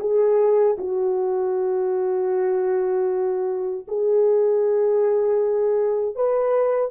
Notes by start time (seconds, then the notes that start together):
0.00 G#4
0.78 F#4
3.88 G#4
6.15 B4